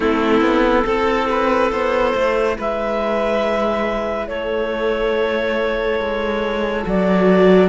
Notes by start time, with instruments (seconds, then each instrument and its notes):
0.00 cello A3, viola C4, violin E4, clarinet A4
0.40 cello B3
0.85 cello C4, viola E4, violin A4
1.30 violin B4
1.71 cello B3, violin C5
2.14 cello A3
2.58 cello G#3, violin B4, clarinet E5
4.27 cello A3, violin A4, clarinet C#5
5.99 cello G#3
6.84 cello F#3, viola F#4, clarinet D5